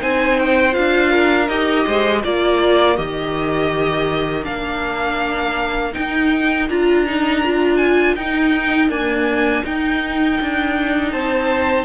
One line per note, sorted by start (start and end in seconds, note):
0.00 0.77 C4
0.00 0.72 D#4
0.00 1.11 C5
0.00 0.40 G#5
0.40 0.74 G5
0.72 1.49 D4
0.72 1.46 F4
0.72 1.48 F5
1.11 1.85 A#4
1.48 1.86 D#4
1.48 2.24 G4
1.48 2.22 D#5
1.87 2.24 G#3
1.87 2.22 C5
2.22 2.99 A#3
2.22 2.96 F4
2.22 11.11 A#4
2.22 2.96 D5
2.96 4.47 D#3
2.96 4.43 G4
2.96 4.44 D#5
4.43 5.96 A#3
4.43 5.92 D4
4.43 5.94 F5
5.93 6.67 D#4
5.93 6.69 D#4
5.93 6.69 G5
6.69 8.17 D4
6.69 7.06 F4
6.69 7.77 A#5
7.06 7.43 D#4
7.44 8.18 F4
7.77 8.14 G#5
8.16 8.89 D#4
8.16 8.90 D#4
8.16 8.90 G5
8.89 9.64 A#3
8.89 9.63 D4
8.89 9.65 G#5
9.64 11.85 D#4
9.64 10.40 D#4
9.64 11.12 G5
10.41 11.13 D4
11.12 11.85 C4
11.12 11.85 C5
11.12 11.85 A5